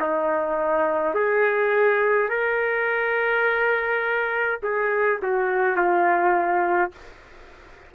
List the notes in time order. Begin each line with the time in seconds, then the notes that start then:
0.00 D#4
1.15 G#4
2.29 A#4
4.63 G#4
5.22 F#4
5.76 F4